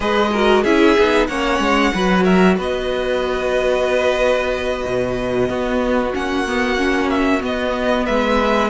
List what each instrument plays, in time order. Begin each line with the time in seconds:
0.00 cello G#3, viola G#4, violin B4 D#5
0.32 viola F#4, violin A#4
0.62 cello C#4, viola E4, violin G#4 E5
0.98 cello B3, viola D#4
1.26 cello A#3, viola C#4, violin C#5 F#5
1.59 cello G#3
1.94 cello F#3, viola F#4, violin B4
2.23 violin A#4 E5
2.58 cello B3, violin B4 D#5
4.85 cello B2
5.47 viola B3, cello B3, violin F#4
6.13 cello A#3, viola C#4, violin F#5
6.47 viola B3
6.77 viola C#4
7.09 violin E5
7.40 viola B3, cello B3, violin D#5
8.05 cello G#3, violin B4 E5